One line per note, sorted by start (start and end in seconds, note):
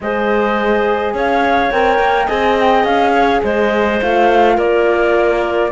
0.00 1.14 G#3
0.00 1.72 G#4
0.00 1.14 C5
0.00 1.15 D#5
1.14 1.71 C#4
1.14 2.26 C#5
1.14 1.71 F5
1.71 1.98 C4
1.71 2.28 A#4
1.71 2.27 G5
1.98 2.27 A#3
2.26 2.84 C4
2.26 4.00 G#4
2.26 3.12 D#5
2.26 2.56 G#5
2.59 2.84 G5
2.84 3.41 C#4
2.84 3.42 F5
3.12 3.41 C#5
3.43 4.00 G#3
3.43 4.55 C5
3.43 4.01 D#5
4.00 4.57 A3
4.00 5.72 F4
4.00 4.58 F5
4.55 5.71 A#3
4.55 5.69 A#4
4.55 5.72 D5